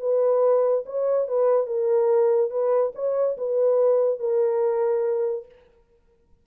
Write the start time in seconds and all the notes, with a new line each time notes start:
0.00 B4
0.85 C#5
1.27 B4
1.66 A#4
2.50 B4
2.95 C#5
3.37 B4
4.19 A#4